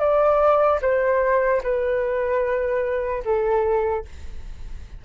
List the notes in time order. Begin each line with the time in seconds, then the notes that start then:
0.00 D5
0.82 C5
1.63 B4
3.25 A4